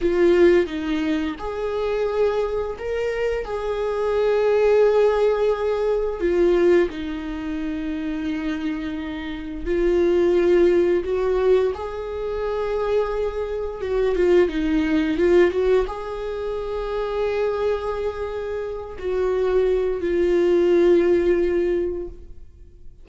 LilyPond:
\new Staff \with { instrumentName = "viola" } { \time 4/4 \tempo 4 = 87 f'4 dis'4 gis'2 | ais'4 gis'2.~ | gis'4 f'4 dis'2~ | dis'2 f'2 |
fis'4 gis'2. | fis'8 f'8 dis'4 f'8 fis'8 gis'4~ | gis'2.~ gis'8 fis'8~ | fis'4 f'2. | }